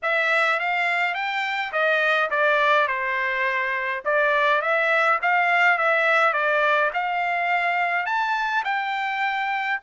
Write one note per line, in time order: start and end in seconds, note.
0.02 0.59 E5
0.59 1.14 F5
1.14 1.72 G5
1.72 2.29 D#5
2.30 2.87 D5
2.87 4.03 C5
4.04 4.61 D5
4.61 5.19 E5
5.22 5.77 F5
5.77 6.33 E5
6.33 6.90 D5
6.93 8.06 F5
8.06 8.63 A5
8.64 9.79 G5